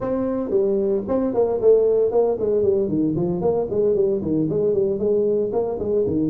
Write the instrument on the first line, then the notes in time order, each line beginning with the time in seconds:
tuba
0.00 C4
0.50 G3
1.08 C4
1.34 A#3
1.61 A3
2.11 A#3
2.39 G#3
2.62 G3
2.88 D#3
3.16 F3
3.41 A#3
3.70 G#3
3.95 G3
4.21 D#3
4.49 G#3
4.73 G3
4.98 G#3
5.52 A#3
5.79 G#3
6.06 D#3